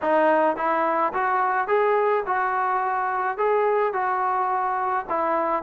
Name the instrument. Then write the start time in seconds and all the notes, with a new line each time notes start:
trombone
0.02 D#4
0.56 E4
1.13 F#4
1.67 G#4
2.26 F#4
3.37 G#4
3.93 F#4
5.09 E4